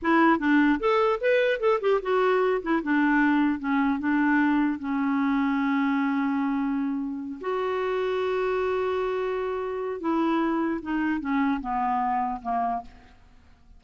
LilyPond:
\new Staff \with { instrumentName = "clarinet" } { \time 4/4 \tempo 4 = 150 e'4 d'4 a'4 b'4 | a'8 g'8 fis'4. e'8 d'4~ | d'4 cis'4 d'2 | cis'1~ |
cis'2~ cis'8 fis'4.~ | fis'1~ | fis'4 e'2 dis'4 | cis'4 b2 ais4 | }